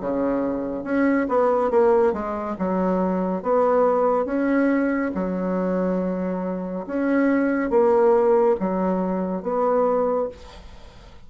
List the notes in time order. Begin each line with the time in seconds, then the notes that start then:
0.00 C#3
0.84 C#4
1.28 B3
1.71 A#3
2.13 G#3
2.59 F#3
3.42 B3
4.25 C#4
5.14 F#3
6.86 C#4
7.70 A#3
8.59 F#3
9.42 B3